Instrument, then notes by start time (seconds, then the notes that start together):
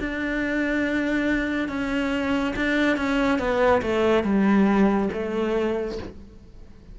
cello
0.00 D4
1.69 C#4
2.56 D4
2.97 C#4
3.39 B3
3.83 A3
4.24 G3
5.13 A3